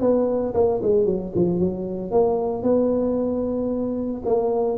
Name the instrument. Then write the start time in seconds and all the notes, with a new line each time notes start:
tuba
0.00 B3
0.54 A#3
0.82 G#3
1.05 F#3
1.35 F3
1.59 F#3
2.11 A#3
2.63 B3
4.25 A#3